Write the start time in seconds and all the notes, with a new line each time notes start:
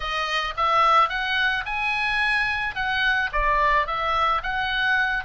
0.00 D#5
0.57 E5
1.09 F#5
1.65 G#5
2.75 F#5
3.32 D5
3.87 E5
4.43 F#5